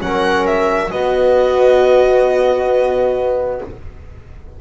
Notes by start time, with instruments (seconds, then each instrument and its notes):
0.00 double bass F#3, trombone C#4, viola A#4, violin F#5
0.47 violin E5
0.90 trombone B3, double bass B3, viola F#4, violin D#5